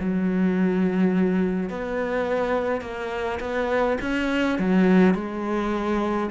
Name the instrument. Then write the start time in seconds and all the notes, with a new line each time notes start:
cello
0.00 F#3
1.70 B3
2.82 A#3
3.40 B3
4.01 C#4
4.59 F#3
5.15 G#3